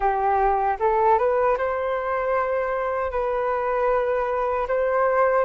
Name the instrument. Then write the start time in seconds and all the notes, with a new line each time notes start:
flute
0.00 G4
0.79 A4
1.18 B4
1.57 C5
3.11 B4
4.68 C5